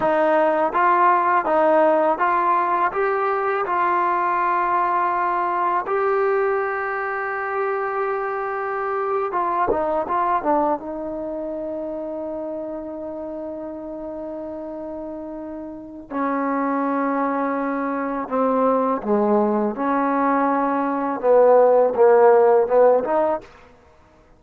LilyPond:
\new Staff \with { instrumentName = "trombone" } { \time 4/4 \tempo 4 = 82 dis'4 f'4 dis'4 f'4 | g'4 f'2. | g'1~ | g'8. f'8 dis'8 f'8 d'8 dis'4~ dis'16~ |
dis'1~ | dis'2 cis'2~ | cis'4 c'4 gis4 cis'4~ | cis'4 b4 ais4 b8 dis'8 | }